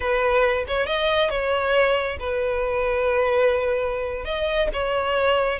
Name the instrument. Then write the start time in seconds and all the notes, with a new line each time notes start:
violin
0.00 B4
0.67 C#5
0.86 D#5
1.30 C#5
2.19 B4
4.24 D#5
4.73 C#5